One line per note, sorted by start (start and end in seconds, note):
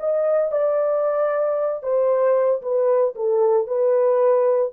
0.00 0.52 D#5
0.52 1.83 D5
1.83 2.62 C5
2.62 3.15 B4
3.16 3.67 A4
3.67 4.72 B4